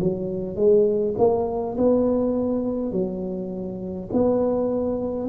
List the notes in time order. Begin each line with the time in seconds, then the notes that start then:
0.00 F#3
0.56 G#3
1.18 A#3
1.78 B3
2.93 F#3
4.13 B3